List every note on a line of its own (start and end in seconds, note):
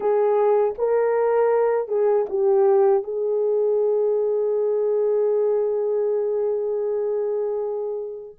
0.00 0.74 G#4
0.78 1.87 A#4
1.87 2.25 G#4
2.29 3.03 G4
3.03 8.35 G#4